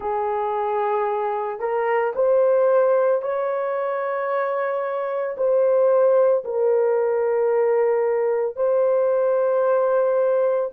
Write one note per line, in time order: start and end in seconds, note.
0.00 1.59 G#4
1.59 2.13 A#4
2.15 3.21 C5
3.21 5.36 C#5
5.37 6.44 C5
6.44 8.56 A#4
8.56 10.70 C5